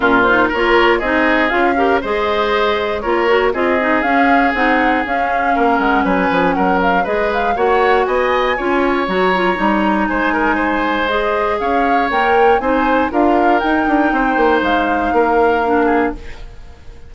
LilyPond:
<<
  \new Staff \with { instrumentName = "flute" } { \time 4/4 \tempo 4 = 119 ais'8 c''8 cis''4 dis''4 f''4 | dis''2 cis''4 dis''4 | f''4 fis''4 f''4. fis''8 | gis''4 fis''8 f''8 dis''8 f''8 fis''4 |
gis''2 ais''2 | gis''2 dis''4 f''4 | g''4 gis''4 f''4 g''4~ | g''4 f''2. | }
  \new Staff \with { instrumentName = "oboe" } { \time 4/4 f'4 ais'4 gis'4. ais'8 | c''2 ais'4 gis'4~ | gis'2. ais'4 | b'4 ais'4 b'4 cis''4 |
dis''4 cis''2. | c''8 ais'8 c''2 cis''4~ | cis''4 c''4 ais'2 | c''2 ais'4. gis'8 | }
  \new Staff \with { instrumentName = "clarinet" } { \time 4/4 cis'8 dis'8 f'4 dis'4 f'8 g'8 | gis'2 f'8 fis'8 f'8 dis'8 | cis'4 dis'4 cis'2~ | cis'2 gis'4 fis'4~ |
fis'4 f'4 fis'8 f'8 dis'4~ | dis'2 gis'2 | ais'4 dis'4 f'4 dis'4~ | dis'2. d'4 | }
  \new Staff \with { instrumentName = "bassoon" } { \time 4/4 ais,4 ais4 c'4 cis'4 | gis2 ais4 c'4 | cis'4 c'4 cis'4 ais8 gis8 | fis8 f8 fis4 gis4 ais4 |
b4 cis'4 fis4 g4 | gis2. cis'4 | ais4 c'4 d'4 dis'8 d'8 | c'8 ais8 gis4 ais2 | }
>>